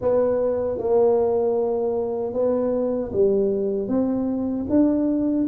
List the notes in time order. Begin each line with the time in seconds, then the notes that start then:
0.01 B3
0.78 A#3
2.33 B3
3.12 G3
3.87 C4
4.69 D4